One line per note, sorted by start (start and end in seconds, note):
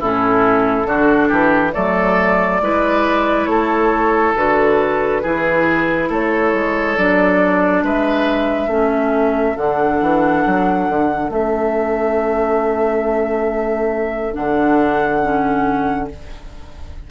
0.00 0.85 A2
0.00 0.86 C#4
0.00 0.87 E4
0.00 1.73 A4
0.85 1.29 D3
0.85 1.73 D4
0.85 1.28 F#4
1.28 1.75 E3
1.28 1.72 G4
1.73 2.61 F#3
1.73 2.60 A3
1.73 2.61 A4
1.73 3.45 D5
2.61 3.46 G#3
2.61 4.36 E4
2.61 3.50 B4
3.45 4.33 A3
3.45 5.22 A4
3.45 4.32 C#5
4.36 5.24 D3
4.36 5.23 F#4
4.36 6.10 B4
5.22 6.10 E3
5.22 6.97 E4
5.22 6.09 G#4
6.10 6.53 A3
6.10 7.84 A4
6.10 6.97 C#5
6.53 6.97 G#3
6.97 7.83 F#3
6.97 8.69 D4
6.97 7.84 D5
7.83 8.67 G#3
7.83 8.69 B4
7.83 9.57 E5
8.67 9.54 A3
8.67 9.56 C#4
8.67 16.09 A4
9.57 10.01 D3
9.57 11.30 D4
9.57 11.31 F#5
10.01 10.45 E3
10.46 10.89 F#3
10.89 11.30 D3
11.30 14.34 A3
11.30 14.33 C#4
11.30 14.34 E5
14.33 16.10 D3
14.33 15.20 D4
14.33 16.08 F#5
15.23 16.10 C#4